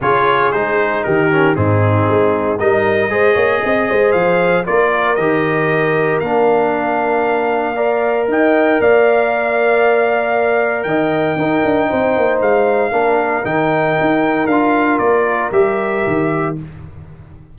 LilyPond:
<<
  \new Staff \with { instrumentName = "trumpet" } { \time 4/4 \tempo 4 = 116 cis''4 c''4 ais'4 gis'4~ | gis'4 dis''2. | f''4 d''4 dis''2 | f''1 |
g''4 f''2.~ | f''4 g''2. | f''2 g''2 | f''4 d''4 e''2 | }
  \new Staff \with { instrumentName = "horn" } { \time 4/4 gis'2 g'4 dis'4~ | dis'4 ais'4 c''8 cis''8 dis''8 c''8~ | c''4 ais'2.~ | ais'2. d''4 |
dis''4 d''2.~ | d''4 dis''4 ais'4 c''4~ | c''4 ais'2.~ | ais'1 | }
  \new Staff \with { instrumentName = "trombone" } { \time 4/4 f'4 dis'4. cis'8 c'4~ | c'4 dis'4 gis'2~ | gis'4 f'4 g'2 | d'2. ais'4~ |
ais'1~ | ais'2 dis'2~ | dis'4 d'4 dis'2 | f'2 g'2 | }
  \new Staff \with { instrumentName = "tuba" } { \time 4/4 cis4 gis4 dis4 gis,4 | gis4 g4 gis8 ais8 c'8 gis8 | f4 ais4 dis2 | ais1 |
dis'4 ais2.~ | ais4 dis4 dis'8 d'8 c'8 ais8 | gis4 ais4 dis4 dis'4 | d'4 ais4 g4 dis4 | }
>>